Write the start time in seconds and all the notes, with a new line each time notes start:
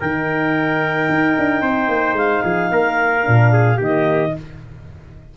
0.00 D#3 D#4 A#4 G5
1.09 D#4
1.38 D4
1.62 C4 C5
1.88 A#3
2.13 G#3 F5
2.43 F3 G#4
2.71 A#3 A#4
3.22 A#2 D4
3.53 G#4
3.77 D#3 A#3 G4 D#5